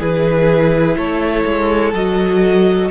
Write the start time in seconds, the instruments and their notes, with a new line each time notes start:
0.00 cello E3, viola E4, violin G#4 B4
0.97 cello A3, violin A4 C#5
1.46 cello G#3
1.94 cello F#3, viola F#4, violin D#5